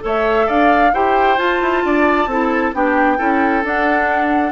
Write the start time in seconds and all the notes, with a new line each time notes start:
0.00 A3 A4 C#5
0.06 E5
0.47 D4 D5 F5
0.93 E4 G4 C5 G5
1.37 F4 A5
1.61 E4
1.84 D4 D5
2.26 C4 E4 A4
2.73 B3 D4 G4 G5
3.18 C#4 E4 A4
3.64 D4 F#5